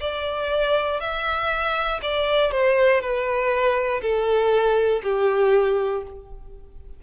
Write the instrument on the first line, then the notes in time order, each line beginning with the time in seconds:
violin
0.00 D5
1.00 E5
2.02 D5
2.51 C5
3.01 B4
4.02 A4
5.03 G4